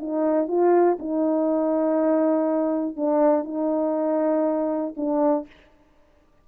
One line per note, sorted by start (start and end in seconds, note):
0.00 0.48 D#4
0.48 0.98 F4
0.99 2.96 D#4
2.96 3.45 D4
3.45 4.95 D#4
4.97 5.47 D4